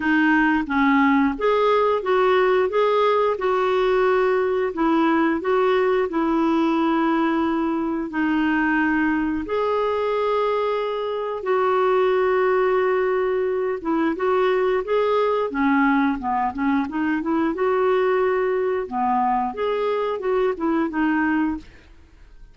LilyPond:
\new Staff \with { instrumentName = "clarinet" } { \time 4/4 \tempo 4 = 89 dis'4 cis'4 gis'4 fis'4 | gis'4 fis'2 e'4 | fis'4 e'2. | dis'2 gis'2~ |
gis'4 fis'2.~ | fis'8 e'8 fis'4 gis'4 cis'4 | b8 cis'8 dis'8 e'8 fis'2 | b4 gis'4 fis'8 e'8 dis'4 | }